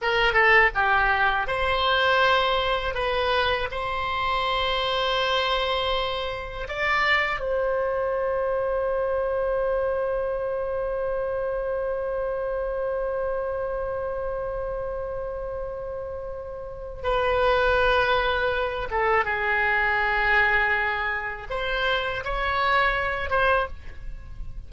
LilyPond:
\new Staff \with { instrumentName = "oboe" } { \time 4/4 \tempo 4 = 81 ais'8 a'8 g'4 c''2 | b'4 c''2.~ | c''4 d''4 c''2~ | c''1~ |
c''1~ | c''2. b'4~ | b'4. a'8 gis'2~ | gis'4 c''4 cis''4. c''8 | }